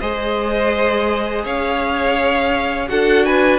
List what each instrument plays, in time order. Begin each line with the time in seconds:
0.00 cello G#3, viola G#4, violin C5 D#5
1.45 cello C#4, violin C#5 F5
2.88 cello D4, viola F#4, violin A4 F#5
3.25 violin B4 G#5